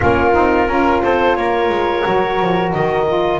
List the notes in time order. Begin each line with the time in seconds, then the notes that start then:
0.00 A#3 C#4 F4 A#4
0.32 C4 D#4
0.67 C#4 F4 A#4
1.03 C4 A4 C5
1.35 A#3 A#4 C#5
1.69 G#3
2.02 F#3 F#4
2.39 F3
2.72 D#3 D#5
3.06 F4